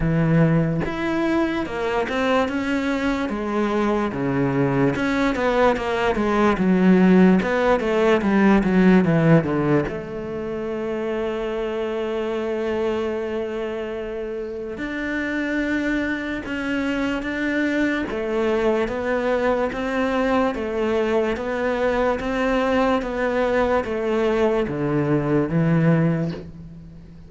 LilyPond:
\new Staff \with { instrumentName = "cello" } { \time 4/4 \tempo 4 = 73 e4 e'4 ais8 c'8 cis'4 | gis4 cis4 cis'8 b8 ais8 gis8 | fis4 b8 a8 g8 fis8 e8 d8 | a1~ |
a2 d'2 | cis'4 d'4 a4 b4 | c'4 a4 b4 c'4 | b4 a4 d4 e4 | }